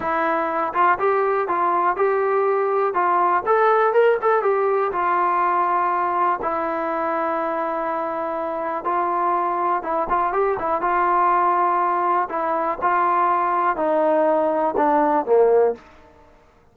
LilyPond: \new Staff \with { instrumentName = "trombone" } { \time 4/4 \tempo 4 = 122 e'4. f'8 g'4 f'4 | g'2 f'4 a'4 | ais'8 a'8 g'4 f'2~ | f'4 e'2.~ |
e'2 f'2 | e'8 f'8 g'8 e'8 f'2~ | f'4 e'4 f'2 | dis'2 d'4 ais4 | }